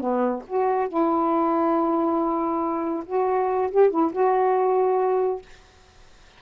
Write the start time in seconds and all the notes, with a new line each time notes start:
0.00 B3
0.47 F#4
0.88 E4
3.06 F#4
3.71 G4
3.91 E4
4.13 F#4